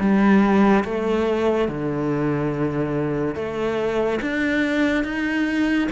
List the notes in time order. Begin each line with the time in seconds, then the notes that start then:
0.00 G3
0.85 A3
1.69 D3
3.35 A3
4.22 D4
5.04 D#4